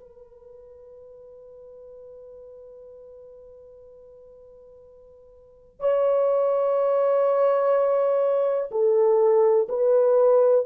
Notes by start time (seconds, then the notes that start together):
0.00 B4
5.80 C#5
8.71 A4
9.69 B4